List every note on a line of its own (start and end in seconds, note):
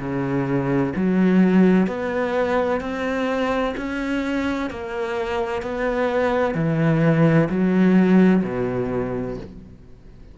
0.00 0.94 C#3
0.97 1.87 F#3
1.87 2.81 B3
2.81 3.75 C4
3.78 4.70 C#4
4.70 5.63 A#3
5.63 6.55 B3
6.55 7.49 E3
7.50 8.44 F#3
8.44 9.38 B2